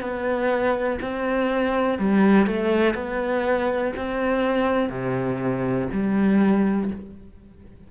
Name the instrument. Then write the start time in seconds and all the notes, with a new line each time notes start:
cello
0.00 B3
1.01 C4
1.99 G3
2.46 A3
2.94 B3
3.96 C4
4.89 C3
5.92 G3